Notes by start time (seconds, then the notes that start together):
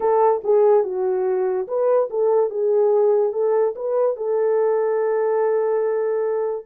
0.00 A4
0.44 G#4
0.83 F#4
1.67 B4
2.10 A4
2.50 G#4
3.33 A4
3.75 B4
4.16 A4